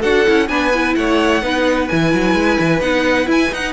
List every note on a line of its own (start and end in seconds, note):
0.00 0.27 D4
0.00 0.26 F#4
0.00 0.47 A4
0.00 0.48 F#5
0.27 0.49 C#4
0.27 0.48 E4
0.48 0.95 B3
0.48 0.71 D4
0.48 0.96 B4
0.48 0.94 G#5
0.73 1.42 E4
0.95 1.42 A3
0.95 1.42 C#5
0.95 1.88 F#5
1.42 1.88 B3
1.42 1.89 D#4
1.42 3.72 B4
1.88 2.14 E3
1.88 2.81 E4
1.88 2.81 G#5
2.14 2.34 F#3
2.34 2.57 G#3
2.59 2.80 E3
2.80 3.27 B3
2.80 3.25 D#4
2.80 3.27 F#5
3.25 3.48 E4
3.25 3.50 E4
3.25 3.54 G#5
3.52 3.72 D#4
3.52 3.72 F#5